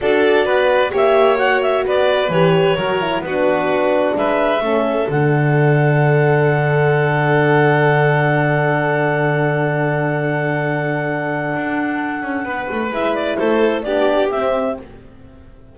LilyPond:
<<
  \new Staff \with { instrumentName = "clarinet" } { \time 4/4 \tempo 4 = 130 d''2 e''4 fis''8 e''8 | d''4 cis''2 b'4~ | b'4 e''2 fis''4~ | fis''1~ |
fis''1~ | fis''1~ | fis''1 | e''8 d''8 c''4 d''4 e''4 | }
  \new Staff \with { instrumentName = "violin" } { \time 4/4 a'4 b'4 cis''2 | b'2 ais'4 fis'4~ | fis'4 b'4 a'2~ | a'1~ |
a'1~ | a'1~ | a'2. b'4~ | b'4 a'4 g'2 | }
  \new Staff \with { instrumentName = "horn" } { \time 4/4 fis'2 g'4 fis'4~ | fis'4 g'4 fis'8 e'8 d'4~ | d'2 cis'4 d'4~ | d'1~ |
d'1~ | d'1~ | d'1 | e'2 d'4 c'4 | }
  \new Staff \with { instrumentName = "double bass" } { \time 4/4 d'4 b4 ais2 | b4 e4 fis4 b4~ | b4 gis4 a4 d4~ | d1~ |
d1~ | d1~ | d4 d'4. cis'8 b8 a8 | gis4 a4 b4 c'4 | }
>>